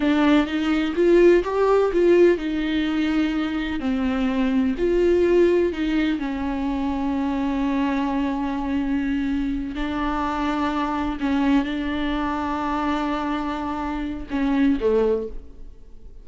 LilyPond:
\new Staff \with { instrumentName = "viola" } { \time 4/4 \tempo 4 = 126 d'4 dis'4 f'4 g'4 | f'4 dis'2. | c'2 f'2 | dis'4 cis'2.~ |
cis'1~ | cis'8 d'2. cis'8~ | cis'8 d'2.~ d'8~ | d'2 cis'4 a4 | }